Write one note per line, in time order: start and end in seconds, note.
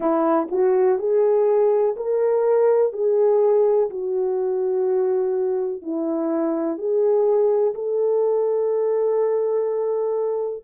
0.00 0.47 E4
0.51 0.99 F#4
0.99 1.95 G#4
1.96 2.93 A#4
2.93 3.89 G#4
3.90 5.82 F#4
5.82 6.77 E4
6.77 7.74 G#4
7.74 10.64 A4